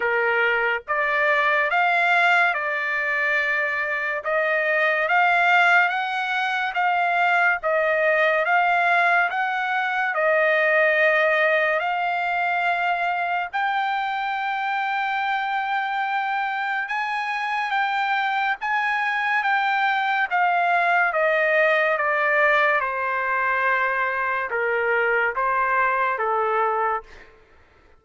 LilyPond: \new Staff \with { instrumentName = "trumpet" } { \time 4/4 \tempo 4 = 71 ais'4 d''4 f''4 d''4~ | d''4 dis''4 f''4 fis''4 | f''4 dis''4 f''4 fis''4 | dis''2 f''2 |
g''1 | gis''4 g''4 gis''4 g''4 | f''4 dis''4 d''4 c''4~ | c''4 ais'4 c''4 a'4 | }